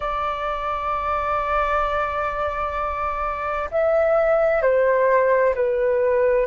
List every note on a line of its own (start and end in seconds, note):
0.00 3.69 D5
3.71 4.62 E5
4.62 5.54 C5
5.54 6.46 B4